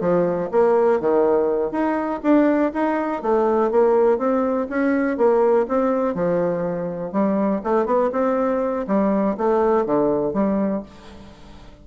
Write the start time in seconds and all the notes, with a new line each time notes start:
0.00 F3
0.51 A#3
1.00 D#3
1.71 D#4
2.23 D4
2.73 D#4
3.22 A3
3.71 A#3
4.18 C4
4.69 C#4
5.17 A#3
5.68 C4
6.14 F3
7.12 G3
7.63 A3
7.85 B3
8.12 C4
8.87 G3
9.37 A3
9.86 D3
10.33 G3